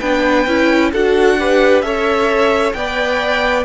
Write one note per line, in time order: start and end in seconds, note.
0.00 0.47 B3
0.00 0.48 D4
0.00 0.91 B4
0.00 0.91 G5
0.47 0.92 C#4
0.47 0.93 E4
0.92 1.83 D4
0.92 1.39 F#4
0.92 1.37 A4
0.92 1.82 F#5
1.39 1.84 G4
1.39 1.86 B4
1.82 2.73 C#4
1.82 2.74 A4
1.82 2.76 C#5
1.82 2.73 E5
2.73 3.65 B3
2.73 3.65 B4
2.73 3.65 D5
2.73 3.64 G5